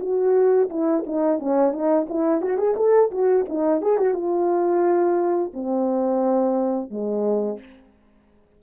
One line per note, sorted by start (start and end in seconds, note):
0.00 0.69 F#4
0.70 1.04 E4
1.06 1.39 D#4
1.39 1.72 C#4
1.72 2.07 D#4
2.09 2.41 E4
2.41 2.57 F#4
2.57 2.75 G#4
2.76 3.11 A4
3.11 3.46 F#4
3.49 3.82 D#4
3.82 3.97 G#4
3.97 4.14 F#4
4.14 5.52 F4
5.53 6.90 C4
6.90 7.59 G#3